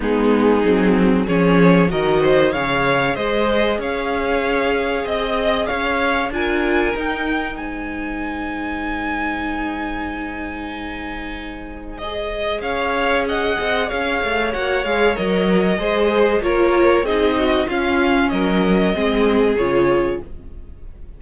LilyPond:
<<
  \new Staff \with { instrumentName = "violin" } { \time 4/4 \tempo 4 = 95 gis'2 cis''4 dis''4 | f''4 dis''4 f''2 | dis''4 f''4 gis''4 g''4 | gis''1~ |
gis''2. dis''4 | f''4 fis''4 f''4 fis''8 f''8 | dis''2 cis''4 dis''4 | f''4 dis''2 cis''4 | }
  \new Staff \with { instrumentName = "violin" } { \time 4/4 dis'2 gis'4 ais'8 c''8 | cis''4 c''4 cis''2 | dis''4 cis''4 ais'2 | c''1~ |
c''1 | cis''4 dis''4 cis''2~ | cis''4 c''4 ais'4 gis'8 fis'8 | f'4 ais'4 gis'2 | }
  \new Staff \with { instrumentName = "viola" } { \time 4/4 b4 c'4 cis'4 fis'4 | gis'1~ | gis'2 f'4 dis'4~ | dis'1~ |
dis'2. gis'4~ | gis'2. fis'8 gis'8 | ais'4 gis'4 f'4 dis'4 | cis'2 c'4 f'4 | }
  \new Staff \with { instrumentName = "cello" } { \time 4/4 gis4 fis4 f4 dis4 | cis4 gis4 cis'2 | c'4 cis'4 d'4 dis'4 | gis1~ |
gis1 | cis'4. c'8 cis'8 a8 ais8 gis8 | fis4 gis4 ais4 c'4 | cis'4 fis4 gis4 cis4 | }
>>